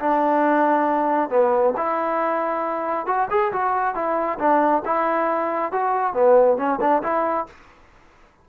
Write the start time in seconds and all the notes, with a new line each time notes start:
0.00 D4
1.30 B3
1.77 E4
3.07 F#4
3.31 G#4
3.53 F#4
3.95 E4
4.39 D4
4.86 E4
5.72 F#4
6.14 B3
6.58 C#4
6.81 D4
7.03 E4